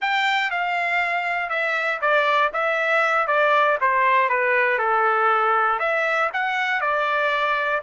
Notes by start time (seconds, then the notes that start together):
0.01 G5
0.50 F5
1.49 E5
2.01 D5
2.53 E5
3.27 D5
3.81 C5
4.29 B4
4.78 A4
5.79 E5
6.33 F#5
6.80 D5